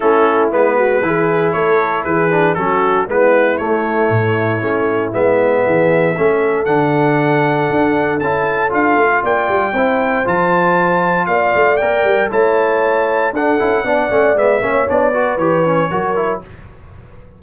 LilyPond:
<<
  \new Staff \with { instrumentName = "trumpet" } { \time 4/4 \tempo 4 = 117 a'4 b'2 cis''4 | b'4 a'4 b'4 cis''4~ | cis''2 e''2~ | e''4 fis''2. |
a''4 f''4 g''2 | a''2 f''4 g''4 | a''2 fis''2 | e''4 d''4 cis''2 | }
  \new Staff \with { instrumentName = "horn" } { \time 4/4 e'4. fis'8 gis'4 a'4 | gis'4 fis'4 e'2~ | e'2. gis'4 | a'1~ |
a'2 d''4 c''4~ | c''2 d''2 | cis''2 a'4 d''4~ | d''8 cis''4 b'4. ais'4 | }
  \new Staff \with { instrumentName = "trombone" } { \time 4/4 cis'4 b4 e'2~ | e'8 d'8 cis'4 b4 a4~ | a4 cis'4 b2 | cis'4 d'2. |
e'4 f'2 e'4 | f'2. ais'4 | e'2 d'8 e'8 d'8 cis'8 | b8 cis'8 d'8 fis'8 g'8 cis'8 fis'8 e'8 | }
  \new Staff \with { instrumentName = "tuba" } { \time 4/4 a4 gis4 e4 a4 | e4 fis4 gis4 a4 | a,4 a4 gis4 e4 | a4 d2 d'4 |
cis'4 d'8 a8 ais8 g8 c'4 | f2 ais8 a8 ais8 g8 | a2 d'8 cis'8 b8 a8 | gis8 ais8 b4 e4 fis4 | }
>>